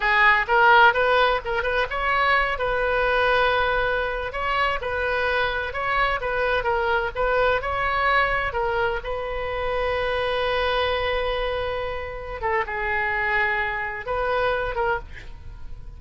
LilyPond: \new Staff \with { instrumentName = "oboe" } { \time 4/4 \tempo 4 = 128 gis'4 ais'4 b'4 ais'8 b'8 | cis''4. b'2~ b'8~ | b'4~ b'16 cis''4 b'4.~ b'16~ | b'16 cis''4 b'4 ais'4 b'8.~ |
b'16 cis''2 ais'4 b'8.~ | b'1~ | b'2~ b'8 a'8 gis'4~ | gis'2 b'4. ais'8 | }